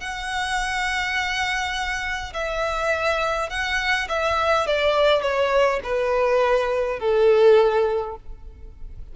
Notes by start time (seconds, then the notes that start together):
0.00 F#5
2.33 E5
3.50 F#5
4.08 E5
4.66 D5
5.22 C#5
5.83 B4
6.99 A4